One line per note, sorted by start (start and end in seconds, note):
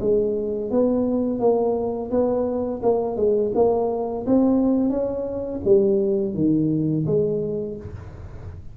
0.00 0.70 G#3
0.70 1.39 B3
1.39 2.10 A#3
2.11 2.81 B3
2.82 3.16 A#3
3.16 3.52 G#3
3.55 4.25 A#3
4.26 4.90 C4
4.90 5.60 C#4
5.64 6.34 G3
6.34 7.05 D#3
7.06 7.76 G#3